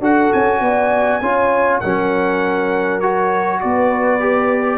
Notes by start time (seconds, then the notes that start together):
0.00 D4 F#4 A4 F#5
0.32 C#4 G#5
0.60 B3 D5
1.21 C#4 F4 C#5
1.80 F#3 C#4 A#4 F#5
3.00 F#4 C#5
3.60 B3 B4 D5
4.20 G4